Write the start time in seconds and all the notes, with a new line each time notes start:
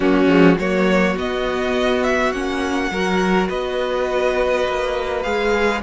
0.00 F#3 A#3 C#4 F#4
0.27 F3 G#3
0.57 F#3 A#3 F#4 C#5
1.16 B3 D#5
2.03 E5
2.32 A#3 C#4 F#5
2.91 F#3 F#4 A#4
3.48 B3 B4 D#5
4.67 A#3
5.22 G#3 G#4 F5